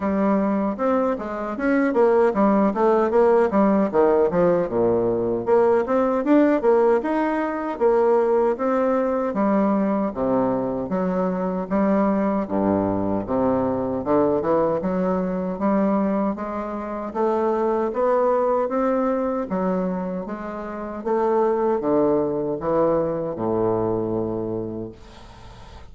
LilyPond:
\new Staff \with { instrumentName = "bassoon" } { \time 4/4 \tempo 4 = 77 g4 c'8 gis8 cis'8 ais8 g8 a8 | ais8 g8 dis8 f8 ais,4 ais8 c'8 | d'8 ais8 dis'4 ais4 c'4 | g4 c4 fis4 g4 |
g,4 c4 d8 e8 fis4 | g4 gis4 a4 b4 | c'4 fis4 gis4 a4 | d4 e4 a,2 | }